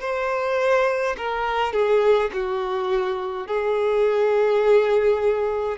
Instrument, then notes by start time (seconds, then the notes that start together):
violin
0.00 C5
1.17 A#4
1.72 G#4
2.33 F#4
3.47 G#4